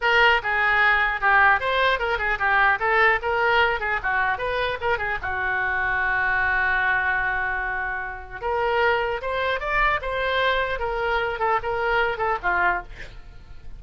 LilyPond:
\new Staff \with { instrumentName = "oboe" } { \time 4/4 \tempo 4 = 150 ais'4 gis'2 g'4 | c''4 ais'8 gis'8 g'4 a'4 | ais'4. gis'8 fis'4 b'4 | ais'8 gis'8 fis'2.~ |
fis'1~ | fis'4 ais'2 c''4 | d''4 c''2 ais'4~ | ais'8 a'8 ais'4. a'8 f'4 | }